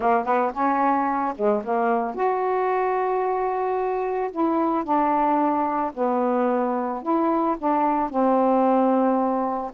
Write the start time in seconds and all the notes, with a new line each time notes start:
0.00 A#3
0.24 B3
0.53 C#4
1.35 G#3
1.64 A#3
2.14 F#4
4.31 E4
4.84 D4
5.94 B3
7.02 E4
7.58 D4
8.09 C4